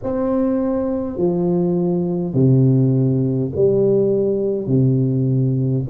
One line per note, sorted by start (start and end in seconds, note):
0.03 1.17 C4
1.17 2.34 F3
2.34 3.51 C3
3.55 4.67 G3
4.67 5.84 C3